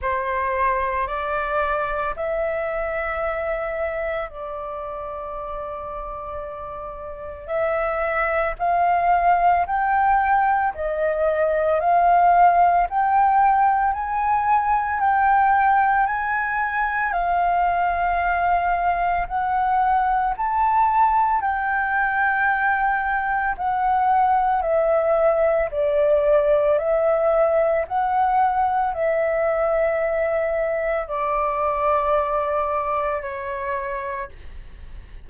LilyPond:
\new Staff \with { instrumentName = "flute" } { \time 4/4 \tempo 4 = 56 c''4 d''4 e''2 | d''2. e''4 | f''4 g''4 dis''4 f''4 | g''4 gis''4 g''4 gis''4 |
f''2 fis''4 a''4 | g''2 fis''4 e''4 | d''4 e''4 fis''4 e''4~ | e''4 d''2 cis''4 | }